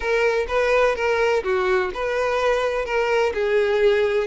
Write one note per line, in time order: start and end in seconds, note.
0.00 0.46 A#4
0.48 0.95 B4
0.95 1.43 A#4
1.43 1.91 F#4
1.94 2.85 B4
2.85 3.32 A#4
3.34 4.27 G#4